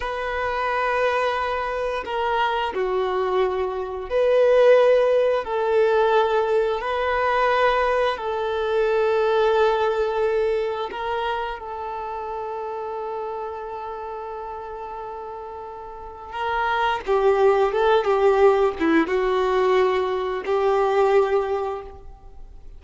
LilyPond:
\new Staff \with { instrumentName = "violin" } { \time 4/4 \tempo 4 = 88 b'2. ais'4 | fis'2 b'2 | a'2 b'2 | a'1 |
ais'4 a'2.~ | a'1 | ais'4 g'4 a'8 g'4 e'8 | fis'2 g'2 | }